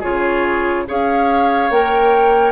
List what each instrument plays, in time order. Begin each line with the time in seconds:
0.00 bassoon C#3, clarinet F4, oboe G#4, flute C#5
0.87 bassoon C#4, clarinet G#4, oboe C#5, flute F5
1.70 bassoon A#3, clarinet A#4, flute G5